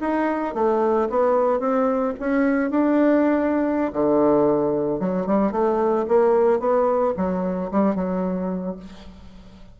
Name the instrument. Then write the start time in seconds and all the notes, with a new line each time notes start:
bassoon
0.00 D#4
0.54 A3
1.09 B3
1.59 C4
2.19 C#4
2.70 D4
3.92 D3
4.99 F#3
5.26 G3
5.51 A3
6.08 A#3
6.59 B3
7.16 F#3
7.71 G3
7.95 F#3